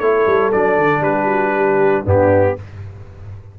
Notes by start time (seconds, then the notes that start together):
0.00 A3 E4 A4 C#5
0.27 G3
0.52 F#3 D4 D5
0.77 D3
1.01 G3 G4 B4
1.27 F#4
1.57 G4
2.04 G2 B3 D4 G4